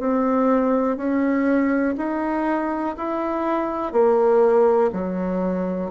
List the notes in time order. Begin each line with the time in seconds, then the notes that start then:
0.00 C4
0.97 C#4
1.98 D#4
2.98 E4
3.93 A#3
4.93 F#3